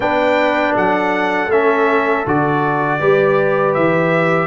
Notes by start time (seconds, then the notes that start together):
0.00 B3 D4 B4 G5
0.73 F#3 A4 F#5
1.47 A3 C#4 E5
2.26 D3 F#4 D5
2.99 G3 G4 B4
3.74 E3 E5